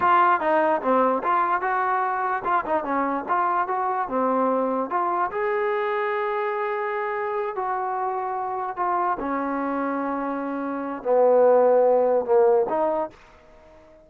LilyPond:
\new Staff \with { instrumentName = "trombone" } { \time 4/4 \tempo 4 = 147 f'4 dis'4 c'4 f'4 | fis'2 f'8 dis'8 cis'4 | f'4 fis'4 c'2 | f'4 gis'2.~ |
gis'2~ gis'8 fis'4.~ | fis'4. f'4 cis'4.~ | cis'2. b4~ | b2 ais4 dis'4 | }